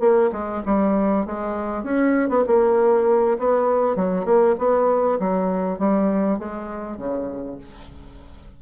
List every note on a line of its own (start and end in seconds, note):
0.00 0.30 A#3
0.33 0.63 G#3
0.66 1.26 G3
1.26 1.84 G#3
1.84 2.29 C#4
2.29 2.44 B3
2.47 3.38 A#3
3.39 3.96 B3
3.96 4.25 F#3
4.25 4.56 A#3
4.59 5.19 B3
5.20 5.79 F#3
5.79 6.39 G3
6.39 6.98 G#3
6.98 7.58 C#3